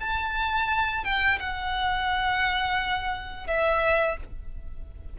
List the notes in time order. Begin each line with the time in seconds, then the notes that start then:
0.00 A5
1.04 G5
1.40 F#5
3.48 E5